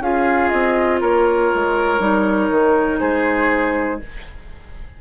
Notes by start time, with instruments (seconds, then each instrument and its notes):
0.00 bassoon C#4, clarinet F4, oboe G#4, flute F5
0.49 bassoon C4, flute D#5
1.01 bassoon A#3, oboe A#4, flute C#5
1.54 bassoon G#3
2.00 bassoon G3, clarinet D#4
2.50 bassoon D#3
3.00 bassoon G#3, oboe G#4, flute C5